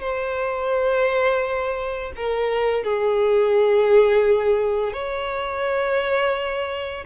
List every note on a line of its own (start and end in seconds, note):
0.00 2.12 C5
2.16 2.83 A#4
2.83 4.92 G#4
4.92 7.04 C#5